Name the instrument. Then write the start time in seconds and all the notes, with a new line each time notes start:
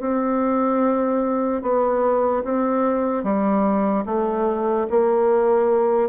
bassoon
0.00 C4
1.62 B3
2.44 C4
3.23 G3
4.06 A3
4.90 A#3